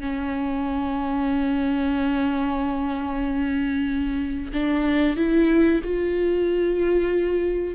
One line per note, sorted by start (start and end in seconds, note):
0.00 4.52 C#4
4.53 5.16 D4
5.16 5.81 E4
5.84 7.75 F4